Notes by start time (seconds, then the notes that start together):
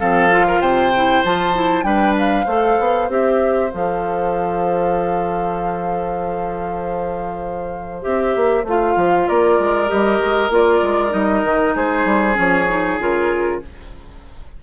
0.00 F3 C4 A4 F5
0.32 F4
0.48 A#4
0.60 C3 C5 G5
0.96 E4
1.25 F3 F4 A5
1.55 E4
1.83 G3 D4 B4 G5
2.19 F5
2.45 A3 A4 C5
2.80 B3
3.09 C4 G4 E5
3.70 F3 A4 F5
8.02 C4 G4 E5
8.36 A#3
8.64 A3 F4 F5
8.97 F3
9.28 A#3 A#4 D5
9.59 G#3
9.88 G3 G4 D#5
10.20 G#3
10.50 A#3 F4 D5
10.82 G#3
11.10 G3 D#4 D#5
11.44 D#3
11.75 G#3 G#4 C5
12.06 G3
12.34 F3 C#4 C#5
12.69 D#4
12.99 C#3 F4 A#4